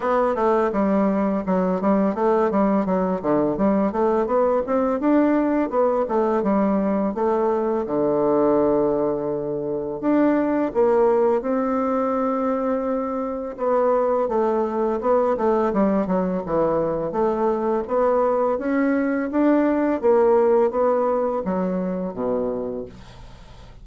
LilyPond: \new Staff \with { instrumentName = "bassoon" } { \time 4/4 \tempo 4 = 84 b8 a8 g4 fis8 g8 a8 g8 | fis8 d8 g8 a8 b8 c'8 d'4 | b8 a8 g4 a4 d4~ | d2 d'4 ais4 |
c'2. b4 | a4 b8 a8 g8 fis8 e4 | a4 b4 cis'4 d'4 | ais4 b4 fis4 b,4 | }